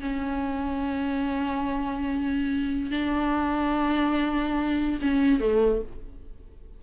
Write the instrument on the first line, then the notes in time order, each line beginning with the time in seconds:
viola
0.00 C#4
2.91 D4
5.02 C#4
5.40 A3